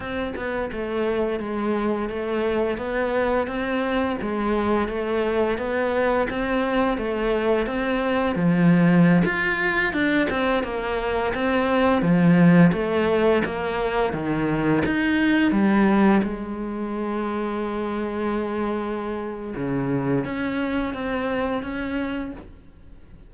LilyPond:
\new Staff \with { instrumentName = "cello" } { \time 4/4 \tempo 4 = 86 c'8 b8 a4 gis4 a4 | b4 c'4 gis4 a4 | b4 c'4 a4 c'4 | f4~ f16 f'4 d'8 c'8 ais8.~ |
ais16 c'4 f4 a4 ais8.~ | ais16 dis4 dis'4 g4 gis8.~ | gis1 | cis4 cis'4 c'4 cis'4 | }